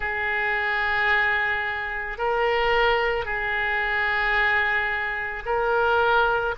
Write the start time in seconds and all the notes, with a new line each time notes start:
0.00 G#4
2.18 A#4
3.25 G#4
5.45 A#4